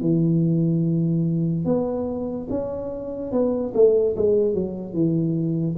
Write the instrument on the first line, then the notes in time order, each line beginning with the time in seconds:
tuba
0.00 E3
1.65 B3
2.50 C#4
3.31 B3
3.74 A3
4.16 G#3
4.54 F#3
4.93 E3